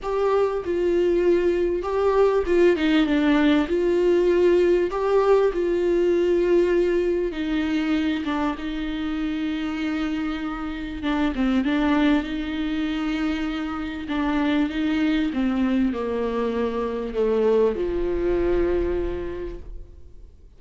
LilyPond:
\new Staff \with { instrumentName = "viola" } { \time 4/4 \tempo 4 = 98 g'4 f'2 g'4 | f'8 dis'8 d'4 f'2 | g'4 f'2. | dis'4. d'8 dis'2~ |
dis'2 d'8 c'8 d'4 | dis'2. d'4 | dis'4 c'4 ais2 | a4 f2. | }